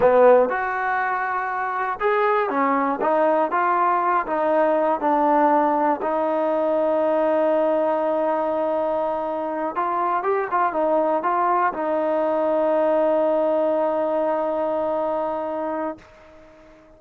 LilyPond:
\new Staff \with { instrumentName = "trombone" } { \time 4/4 \tempo 4 = 120 b4 fis'2. | gis'4 cis'4 dis'4 f'4~ | f'8 dis'4. d'2 | dis'1~ |
dis'2.~ dis'8 f'8~ | f'8 g'8 f'8 dis'4 f'4 dis'8~ | dis'1~ | dis'1 | }